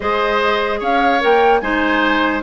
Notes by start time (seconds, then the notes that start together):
0.00 G#3 G#4 C5 D#5
0.79 C#4 C#5 F5
1.20 A#3 A#4 G5
1.60 G#3 D#4 C5 G#5